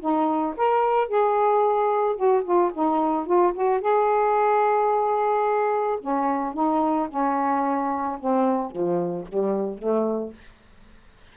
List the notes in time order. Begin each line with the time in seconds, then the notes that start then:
0.00 D#4
0.57 A#4
1.08 G#4
2.16 F#4
2.44 F4
2.73 D#4
3.26 F4
3.53 F#4
3.81 G#4
6.00 C#4
6.54 D#4
7.09 C#4
8.19 C4
8.70 F3
9.28 G3
9.78 A3